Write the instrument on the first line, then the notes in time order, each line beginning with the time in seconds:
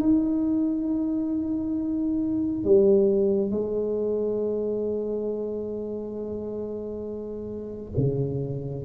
tuba
0.00 D#4
2.64 G3
3.51 G#3
7.97 C#3